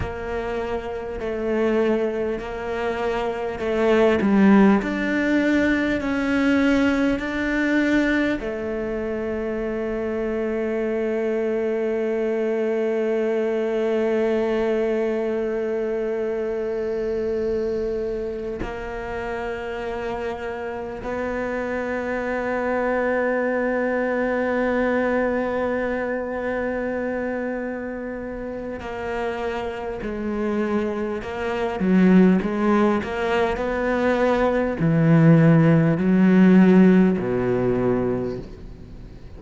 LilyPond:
\new Staff \with { instrumentName = "cello" } { \time 4/4 \tempo 4 = 50 ais4 a4 ais4 a8 g8 | d'4 cis'4 d'4 a4~ | a1~ | a2.~ a8 ais8~ |
ais4. b2~ b8~ | b1 | ais4 gis4 ais8 fis8 gis8 ais8 | b4 e4 fis4 b,4 | }